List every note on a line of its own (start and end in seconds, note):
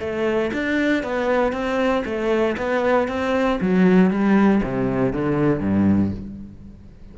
0.00 0.51 A3
0.53 1.03 D4
1.03 1.52 B3
1.52 2.04 C4
2.05 2.57 A3
2.57 3.08 B3
3.08 3.59 C4
3.61 4.10 F#3
4.10 4.62 G3
4.63 5.13 C3
5.13 5.60 D3
5.60 6.12 G2